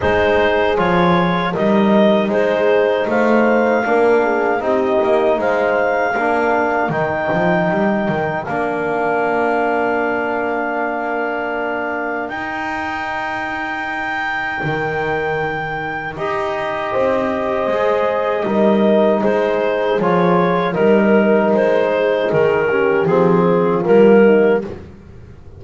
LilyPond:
<<
  \new Staff \with { instrumentName = "clarinet" } { \time 4/4 \tempo 4 = 78 c''4 cis''4 dis''4 c''4 | f''2 dis''4 f''4~ | f''4 g''2 f''4~ | f''1 |
g''1~ | g''4 dis''2.~ | dis''4 c''4 cis''4 ais'4 | c''4 ais'4 gis'4 ais'4 | }
  \new Staff \with { instrumentName = "horn" } { \time 4/4 gis'2 ais'4 gis'4 | c''4 ais'8 gis'8 g'4 c''4 | ais'1~ | ais'1~ |
ais'1~ | ais'2 c''2 | ais'4 gis'2 ais'4~ | ais'8 gis'4 g'4 f'4 dis'8 | }
  \new Staff \with { instrumentName = "trombone" } { \time 4/4 dis'4 f'4 dis'2~ | dis'4 d'4 dis'2 | d'4 dis'2 d'4~ | d'1 |
dis'1~ | dis'4 g'2 gis'4 | dis'2 f'4 dis'4~ | dis'4. cis'8 c'4 ais4 | }
  \new Staff \with { instrumentName = "double bass" } { \time 4/4 gis4 f4 g4 gis4 | a4 ais4 c'8 ais8 gis4 | ais4 dis8 f8 g8 dis8 ais4~ | ais1 |
dis'2. dis4~ | dis4 dis'4 c'4 gis4 | g4 gis4 f4 g4 | gis4 dis4 f4 g4 | }
>>